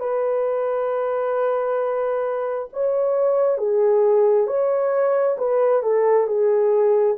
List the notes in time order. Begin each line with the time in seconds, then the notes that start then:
0.00 B4
2.73 C#5
3.58 G#4
4.47 C#5
5.38 B4
5.82 A4
6.27 G#4